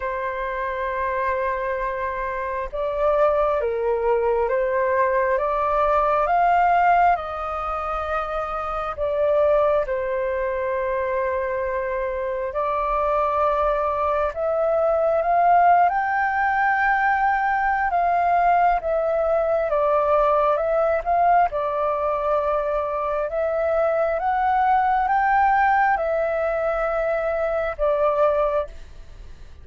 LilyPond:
\new Staff \with { instrumentName = "flute" } { \time 4/4 \tempo 4 = 67 c''2. d''4 | ais'4 c''4 d''4 f''4 | dis''2 d''4 c''4~ | c''2 d''2 |
e''4 f''8. g''2~ g''16 | f''4 e''4 d''4 e''8 f''8 | d''2 e''4 fis''4 | g''4 e''2 d''4 | }